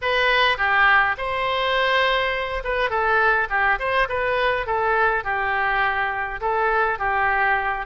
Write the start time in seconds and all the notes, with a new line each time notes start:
0.01 B4
0.57 G4
1.17 C5
2.63 B4
2.89 A4
3.50 G4
3.79 C5
4.08 B4
4.66 A4
5.24 G4
6.41 A4
6.98 G4